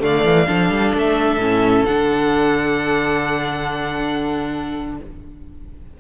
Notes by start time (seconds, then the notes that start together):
0.00 D3 A3 D5 F5
0.25 E3
0.47 F3 D4 A4
0.70 G3
0.95 A3 E5
1.37 A2 C#4
1.85 D3 D4 F#5